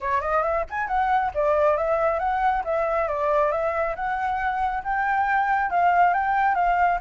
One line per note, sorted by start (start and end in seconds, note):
0.00 0.21 C#5
0.21 0.42 D#5
0.42 0.64 E5
0.70 0.87 G#5
0.87 1.31 F#5
1.34 1.77 D5
1.77 2.19 E5
2.19 2.63 F#5
2.64 3.08 E5
3.08 3.51 D5
3.51 3.95 E5
3.95 4.83 F#5
4.83 5.70 G5
5.70 6.13 F5
6.13 6.55 G5
6.55 6.98 F5